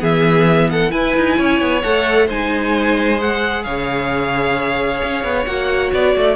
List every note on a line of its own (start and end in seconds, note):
0.00 0.93 E3
0.00 0.90 B3
0.00 0.69 G#4
0.00 0.70 E5
0.70 0.92 A4
0.70 0.91 F#5
0.90 1.81 E4
0.90 1.16 E4
0.90 1.37 B4
0.90 1.82 G#5
1.16 1.39 D#4
1.37 1.61 C#4
1.37 2.27 C#5
1.61 1.84 B3
1.82 2.30 A3
1.82 2.29 A4
1.82 2.28 F#5
2.27 3.66 G#3
2.27 3.18 D#4
2.27 3.63 C5
2.27 3.21 G#5
3.18 5.46 G#4
3.18 3.64 F#5
3.64 5.02 C#3
3.64 6.36 C#5
3.64 5.45 F5
5.04 5.24 C#4
5.24 5.47 B3
5.45 5.92 A#3
5.45 6.36 F#4
5.45 5.91 F#5
5.93 6.16 B3
5.93 6.36 D5
6.17 6.36 A3